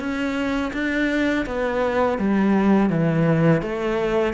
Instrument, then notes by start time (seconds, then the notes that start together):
cello
0.00 C#4
0.74 D4
1.46 B3
2.19 G3
2.90 E3
3.62 A3